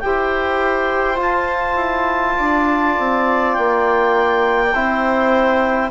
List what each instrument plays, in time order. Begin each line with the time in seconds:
0.00 bassoon E4, trombone G4, viola C5, clarinet G5
1.16 trombone F4, bassoon F4, clarinet A5
1.76 bassoon E4
2.38 bassoon D4, viola D5
2.99 bassoon C4
3.54 bassoon A#3, clarinet G5
4.74 bassoon C4, trombone E4, viola C5